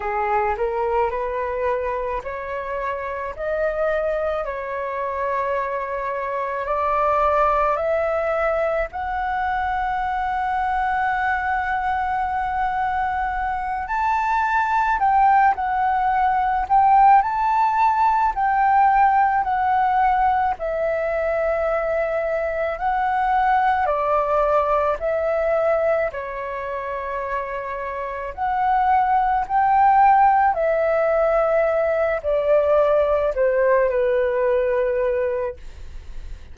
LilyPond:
\new Staff \with { instrumentName = "flute" } { \time 4/4 \tempo 4 = 54 gis'8 ais'8 b'4 cis''4 dis''4 | cis''2 d''4 e''4 | fis''1~ | fis''8 a''4 g''8 fis''4 g''8 a''8~ |
a''8 g''4 fis''4 e''4.~ | e''8 fis''4 d''4 e''4 cis''8~ | cis''4. fis''4 g''4 e''8~ | e''4 d''4 c''8 b'4. | }